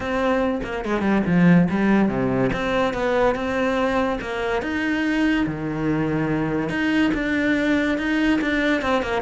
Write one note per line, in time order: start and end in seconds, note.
0.00 0.60 C4
0.63 0.84 A#3
0.84 1.01 G#3
1.01 1.22 G3
1.26 1.68 F3
1.69 2.08 G3
2.08 2.50 C3
2.53 2.93 C4
2.93 3.35 B3
3.35 4.19 C4
4.21 4.62 A#3
4.62 5.45 D#4
5.46 6.69 D#3
6.69 7.11 D#4
7.14 7.98 D4
7.98 8.40 D#4
8.41 8.81 D4
8.81 9.02 C4
9.02 9.22 A#3